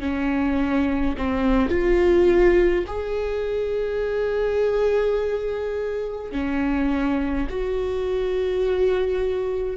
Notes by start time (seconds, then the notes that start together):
0.00 C#4
1.17 C4
1.69 F4
2.87 G#4
6.32 C#4
7.49 F#4